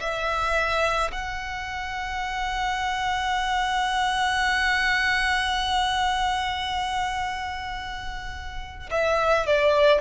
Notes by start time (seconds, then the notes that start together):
0.00 E5
1.12 F#5
8.90 E5
9.46 D5